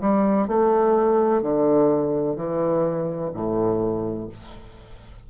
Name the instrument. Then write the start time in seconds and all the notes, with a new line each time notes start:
bassoon
0.00 G3
0.47 A3
1.42 D3
2.35 E3
3.33 A2